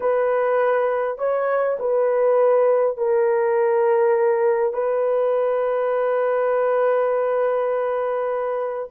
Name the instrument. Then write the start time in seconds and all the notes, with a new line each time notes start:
horn
0.00 B4
1.18 C#5
1.79 B4
2.97 A#4
4.73 B4